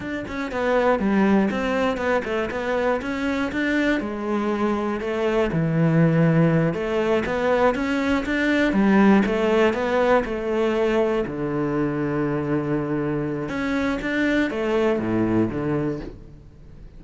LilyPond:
\new Staff \with { instrumentName = "cello" } { \time 4/4 \tempo 4 = 120 d'8 cis'8 b4 g4 c'4 | b8 a8 b4 cis'4 d'4 | gis2 a4 e4~ | e4. a4 b4 cis'8~ |
cis'8 d'4 g4 a4 b8~ | b8 a2 d4.~ | d2. cis'4 | d'4 a4 a,4 d4 | }